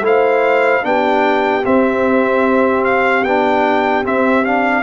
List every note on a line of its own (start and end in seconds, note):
0.00 0.80 A3
0.00 0.82 E4
0.00 0.85 C5
0.00 0.85 F5
0.82 1.64 B3
0.82 1.62 D4
0.82 4.83 G4
0.82 1.65 G5
1.65 3.25 C4
1.65 3.24 C4
1.65 2.84 E5
2.84 3.24 F5
3.24 4.04 B3
3.24 4.03 D4
3.24 4.04 G5
4.03 4.43 C4
4.03 4.83 C4
4.03 4.45 E5
4.44 4.83 D4
4.44 4.83 F5